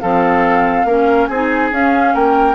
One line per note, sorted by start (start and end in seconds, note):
0.00 0.84 F3
0.00 0.88 C4
0.00 0.87 A4
0.00 1.26 F5
0.84 1.27 A#3
0.84 1.30 C#4
0.84 1.29 A#4
1.26 1.71 C4
1.26 2.14 G#4
1.26 1.69 G#5
1.34 1.72 D#4
1.71 2.14 C#4
1.71 2.54 C#4
1.71 2.15 F5
2.14 2.54 A#3
2.14 2.54 A#4
2.14 2.54 G5